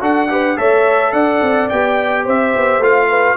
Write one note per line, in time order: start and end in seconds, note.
0.00 0.56 D4
0.00 0.28 F#4
0.00 0.29 A4
0.00 0.57 F#5
0.29 0.56 G4
0.29 0.58 B4
0.56 1.12 A3
0.56 1.69 A4
0.56 1.13 C#5
0.56 1.12 E5
1.12 1.41 D4
1.12 2.24 D5
1.12 1.69 F#5
1.42 1.70 C4
1.69 2.27 B3
1.69 2.81 G4
1.69 2.25 G5
2.24 2.55 C4
2.24 3.08 C5
2.24 2.83 E5
2.55 2.79 B3
2.79 3.35 A3
2.79 3.37 F4
2.79 3.37 F5
3.09 3.37 B4